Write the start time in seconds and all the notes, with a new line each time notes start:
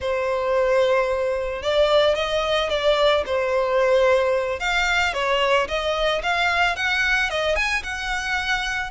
0.00 C5
1.62 D5
2.15 D#5
2.69 D5
3.26 C5
4.59 F5
5.13 C#5
5.68 D#5
6.23 F5
6.76 F#5
7.29 D#5
7.55 G#5
7.83 F#5